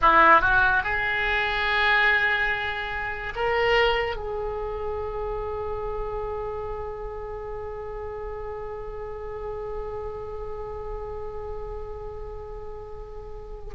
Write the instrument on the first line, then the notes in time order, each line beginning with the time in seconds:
oboe
0.02 E4
0.41 F#4
0.83 G#4
3.35 A#4
4.16 G#4